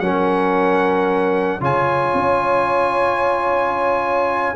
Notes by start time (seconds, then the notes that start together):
0.00 F#3 C#4 A#4 F#5
1.60 C#3 F4 C#5 G#5
2.14 C#4